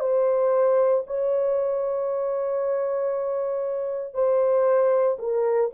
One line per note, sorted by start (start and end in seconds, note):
0.00 1.03 C5
1.07 4.14 C#5
4.14 5.17 C5
5.19 5.70 A#4